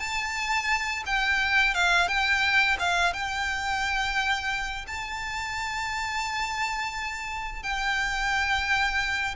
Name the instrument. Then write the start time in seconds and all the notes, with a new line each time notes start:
violin
0.00 A5
1.06 G5
1.75 F5
2.08 G5
2.80 F5
3.13 G5
4.87 A5
7.63 G5